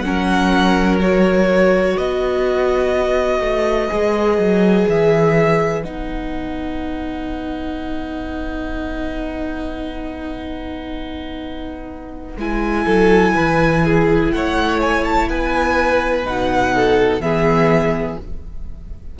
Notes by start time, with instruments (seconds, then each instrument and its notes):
0.00 cello F#3, viola C#4, violin F#5
0.06 violin A#4
1.01 viola F#4, violin C#5
1.94 cello B3, violin B4 D#5
3.40 cello A3
3.90 cello G#3, viola G#4
4.39 cello F#3
4.89 cello E3, violin E5
5.84 cello B3, viola D#4, violin F#5
12.37 cello G#3, viola E4, violin G#5
12.85 cello F#3, violin A4
13.34 cello E3, violin B4
13.85 violin G#4
14.32 cello A3, violin C#5 F#5
14.81 violin G#5
15.04 violin A5
15.28 cello B3, violin B4 G#5
16.25 cello B2, viola D#4, violin F#5
16.75 violin A4
17.20 cello E3, viola B3, violin G#4 E5